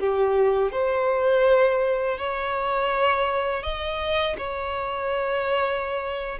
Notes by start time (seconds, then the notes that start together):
0.00 G4
0.72 C5
2.19 C#5
3.64 D#5
4.38 C#5